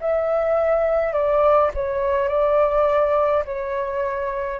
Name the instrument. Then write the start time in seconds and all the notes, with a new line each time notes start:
flute
0.00 E5
1.13 D5
1.74 C#5
2.28 D5
3.45 C#5